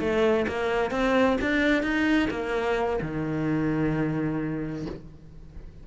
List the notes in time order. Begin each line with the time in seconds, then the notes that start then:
0.00 A3
0.48 A#3
0.91 C4
1.42 D4
1.83 D#4
2.31 A#3
3.02 D#3